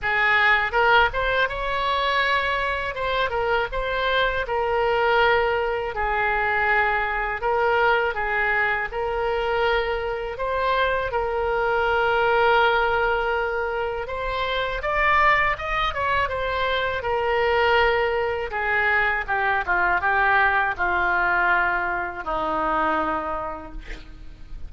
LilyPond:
\new Staff \with { instrumentName = "oboe" } { \time 4/4 \tempo 4 = 81 gis'4 ais'8 c''8 cis''2 | c''8 ais'8 c''4 ais'2 | gis'2 ais'4 gis'4 | ais'2 c''4 ais'4~ |
ais'2. c''4 | d''4 dis''8 cis''8 c''4 ais'4~ | ais'4 gis'4 g'8 f'8 g'4 | f'2 dis'2 | }